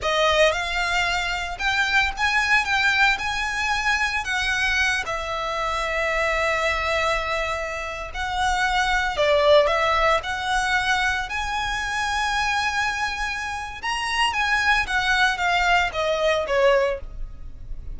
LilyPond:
\new Staff \with { instrumentName = "violin" } { \time 4/4 \tempo 4 = 113 dis''4 f''2 g''4 | gis''4 g''4 gis''2 | fis''4. e''2~ e''8~ | e''2.~ e''16 fis''8.~ |
fis''4~ fis''16 d''4 e''4 fis''8.~ | fis''4~ fis''16 gis''2~ gis''8.~ | gis''2 ais''4 gis''4 | fis''4 f''4 dis''4 cis''4 | }